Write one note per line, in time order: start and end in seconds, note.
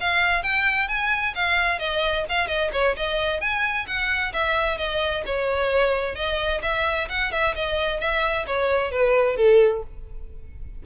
0.00 0.43 F5
0.43 0.88 G5
0.88 1.34 G#5
1.35 1.79 F5
1.79 2.25 D#5
2.29 2.47 F5
2.47 2.70 D#5
2.73 2.95 C#5
2.96 3.40 D#5
3.40 3.86 G#5
3.87 4.32 F#5
4.33 4.78 E5
4.78 5.23 D#5
5.26 6.15 C#5
6.15 6.61 D#5
6.62 7.08 E5
7.09 7.32 F#5
7.32 7.54 E5
7.55 8.00 D#5
8.00 8.46 E5
8.46 8.91 C#5
8.91 9.37 B4
9.37 9.82 A4